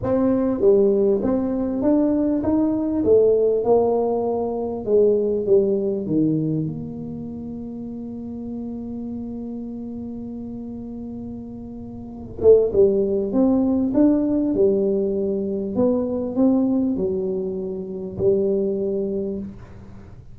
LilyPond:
\new Staff \with { instrumentName = "tuba" } { \time 4/4 \tempo 4 = 99 c'4 g4 c'4 d'4 | dis'4 a4 ais2 | gis4 g4 dis4 ais4~ | ais1~ |
ais1~ | ais8 a8 g4 c'4 d'4 | g2 b4 c'4 | fis2 g2 | }